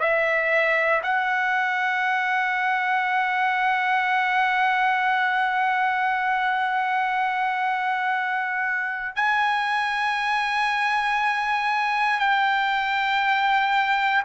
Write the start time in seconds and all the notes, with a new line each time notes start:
0.00 E5
1.03 F#5
9.16 G#5
12.19 G5